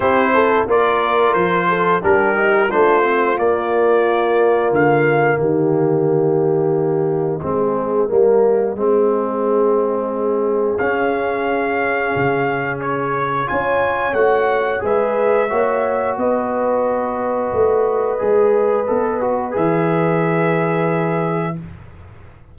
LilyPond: <<
  \new Staff \with { instrumentName = "trumpet" } { \time 4/4 \tempo 4 = 89 c''4 d''4 c''4 ais'4 | c''4 d''2 f''4 | dis''1~ | dis''1 |
f''2. cis''4 | gis''4 fis''4 e''2 | dis''1~ | dis''4 e''2. | }
  \new Staff \with { instrumentName = "horn" } { \time 4/4 g'8 a'8 ais'4. a'8 g'4 | f'1 | g'2. gis'4 | ais'4 gis'2.~ |
gis'1 | cis''2 b'4 cis''4 | b'1~ | b'1 | }
  \new Staff \with { instrumentName = "trombone" } { \time 4/4 e'4 f'2 d'8 dis'8 | d'8 c'8 ais2.~ | ais2. c'4 | ais4 c'2. |
cis'1 | f'4 fis'4 gis'4 fis'4~ | fis'2. gis'4 | a'8 fis'8 gis'2. | }
  \new Staff \with { instrumentName = "tuba" } { \time 4/4 c'4 ais4 f4 g4 | a4 ais2 d4 | dis2. gis4 | g4 gis2. |
cis'2 cis2 | cis'4 a4 gis4 ais4 | b2 a4 gis4 | b4 e2. | }
>>